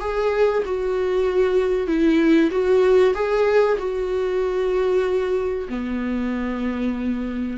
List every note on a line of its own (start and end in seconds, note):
0.00 0.63 G#4
0.65 1.87 F#4
1.87 2.50 E4
2.51 3.14 F#4
3.15 3.78 G#4
3.79 5.68 F#4
5.69 7.58 B3